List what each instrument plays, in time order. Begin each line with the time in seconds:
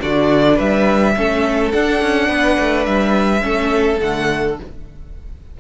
0.00 cello D3, viola D4, violin F#4 D5
0.56 cello G3, violin B4 E5
1.17 cello A3, viola C#4, violin A4
1.72 viola D4, cello D4, violin F#5
2.02 cello C#4
2.28 cello B3, violin B4
2.60 cello A3
2.86 cello G3, violin E5
3.42 cello A3, viola C#4, violin A4
4.00 cello D3, viola A3, violin F#5